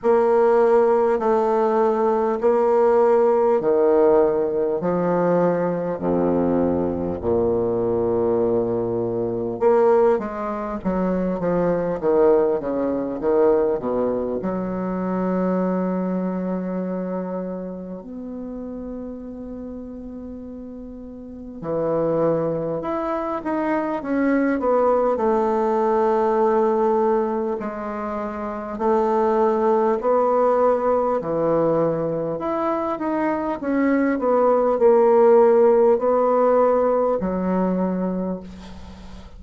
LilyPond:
\new Staff \with { instrumentName = "bassoon" } { \time 4/4 \tempo 4 = 50 ais4 a4 ais4 dis4 | f4 f,4 ais,2 | ais8 gis8 fis8 f8 dis8 cis8 dis8 b,8 | fis2. b4~ |
b2 e4 e'8 dis'8 | cis'8 b8 a2 gis4 | a4 b4 e4 e'8 dis'8 | cis'8 b8 ais4 b4 fis4 | }